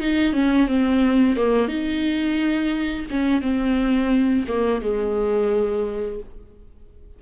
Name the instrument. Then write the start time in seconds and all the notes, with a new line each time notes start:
viola
0.00 D#4
0.33 C#4
0.67 C4
1.36 A#3
1.68 D#4
3.10 C#4
3.41 C4
4.48 A#3
4.82 G#3